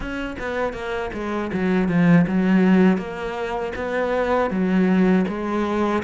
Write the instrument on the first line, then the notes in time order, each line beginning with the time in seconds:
cello
0.00 C#4
0.38 B3
0.73 A#3
1.13 G#3
1.52 F#3
1.88 F3
2.27 F#3
2.97 A#3
3.75 B3
4.50 F#3
5.27 G#3